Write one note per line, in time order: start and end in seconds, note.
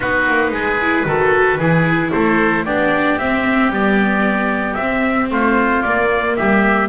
0.00 0.28 B3
0.00 0.77 D#4
0.00 0.50 F#4
0.00 2.11 B4
0.28 0.51 A#3
0.51 1.04 G#3
0.51 1.07 G#4
0.81 1.06 E4
1.05 1.58 D#3
1.05 1.59 F#4
1.05 1.58 A4
1.58 2.11 E3
1.58 2.66 E4
1.58 2.11 G#4
2.11 2.65 A3
2.11 2.64 A4
2.11 2.64 C5
2.64 3.18 B3
2.64 3.19 D4
2.64 5.30 G4
2.64 3.18 D5
3.18 3.69 C4
3.18 3.72 C4
3.18 3.71 E5
3.69 4.76 G3
3.69 4.78 B3
3.69 4.73 D5
4.73 5.30 C4
4.73 5.85 C4
4.73 5.27 E5
5.30 5.84 A3
5.30 6.37 F4
5.30 5.82 C5
5.82 6.37 A#3
5.82 6.88 A#3
5.82 6.35 D5
6.36 6.88 G3
6.36 6.88 G4
6.36 6.88 E5